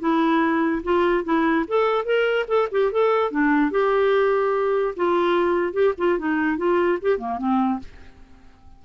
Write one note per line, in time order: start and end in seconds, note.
0.00 0.82 E4
0.83 1.24 F4
1.24 1.66 E4
1.68 2.05 A4
2.05 2.46 A#4
2.48 2.68 A4
2.72 2.92 G4
2.92 3.31 A4
3.31 3.71 D4
3.71 4.94 G4
4.96 5.73 F4
5.73 5.93 G4
5.98 6.18 F4
6.19 6.58 D#4
6.58 6.99 F4
7.02 7.18 G4
7.18 7.38 A#3
7.38 7.80 C4